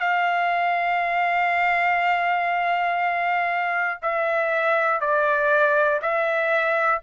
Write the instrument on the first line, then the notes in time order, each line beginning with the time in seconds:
trumpet
0.00 F5
4.02 E5
5.00 D5
6.01 E5